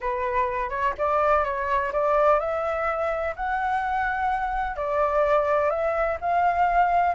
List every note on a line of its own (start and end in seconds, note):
0.00 0.69 B4
0.69 0.93 C#5
0.98 1.44 D5
1.44 1.92 C#5
1.92 2.39 D5
2.39 3.34 E5
3.35 4.76 F#5
4.76 5.70 D5
5.70 6.17 E5
6.21 7.14 F5